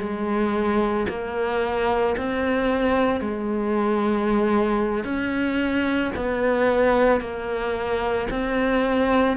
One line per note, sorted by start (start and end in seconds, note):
0.00 1.07 G#3
1.09 2.16 A#3
2.17 3.21 C4
3.21 5.05 G#3
5.05 6.12 C#4
6.16 7.21 B3
7.21 8.28 A#3
8.30 9.37 C4